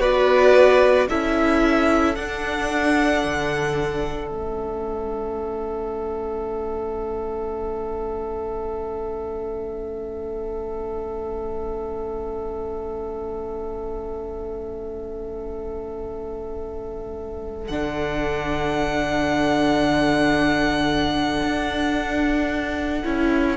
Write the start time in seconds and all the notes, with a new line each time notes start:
0.00 B3 F#4 B4 D5
1.10 C#4 E4 A4 E5
2.16 D4 F#5
3.25 D3
4.27 A3 C#4 E5
17.68 D3 D4 F#5
21.44 D4
23.04 C#4 E4